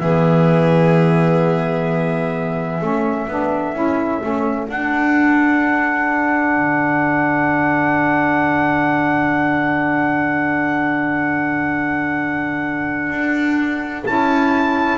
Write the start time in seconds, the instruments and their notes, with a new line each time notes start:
0.00 double bass E3, saxophone B3, violin G#4, trumpet E5
2.80 double bass A3, saxophone C#4, violin A4
3.28 double bass B3, saxophone D4
3.74 double bass C#4, saxophone E4
4.21 double bass A3, saxophone C#4
4.69 saxophone D4, double bass D4, trumpet F#5
6.56 double bass D3
13.11 double bass D4
14.06 double bass C#4, saxophone E4, trumpet A5